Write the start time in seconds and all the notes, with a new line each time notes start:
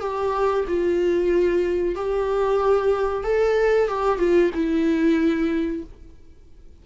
0.00 G4
0.67 F4
1.95 G4
3.23 A4
3.88 G4
4.18 F4
4.54 E4